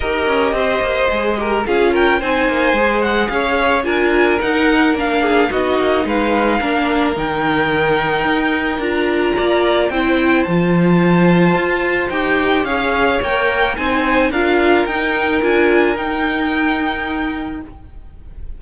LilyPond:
<<
  \new Staff \with { instrumentName = "violin" } { \time 4/4 \tempo 4 = 109 dis''2. f''8 g''8 | gis''4. fis''8 f''4 gis''4 | fis''4 f''4 dis''4 f''4~ | f''4 g''2. |
ais''2 g''4 a''4~ | a''2 g''4 f''4 | g''4 gis''4 f''4 g''4 | gis''4 g''2. | }
  \new Staff \with { instrumentName = "violin" } { \time 4/4 ais'4 c''4. ais'8 gis'8 ais'8 | c''2 cis''4 ais'4~ | ais'4. gis'8 fis'4 b'4 | ais'1~ |
ais'4 d''4 c''2~ | c''2. cis''4~ | cis''4 c''4 ais'2~ | ais'1 | }
  \new Staff \with { instrumentName = "viola" } { \time 4/4 g'2 gis'8 g'8 f'4 | dis'4 gis'2 f'4 | dis'4 d'4 dis'2 | d'4 dis'2. |
f'2 e'4 f'4~ | f'2 g'4 gis'4 | ais'4 dis'4 f'4 dis'4 | f'4 dis'2. | }
  \new Staff \with { instrumentName = "cello" } { \time 4/4 dis'8 cis'8 c'8 ais8 gis4 cis'4 | c'8 ais8 gis4 cis'4 d'4 | dis'4 ais4 b8 ais8 gis4 | ais4 dis2 dis'4 |
d'4 ais4 c'4 f4~ | f4 f'4 dis'4 cis'4 | ais4 c'4 d'4 dis'4 | d'4 dis'2. | }
>>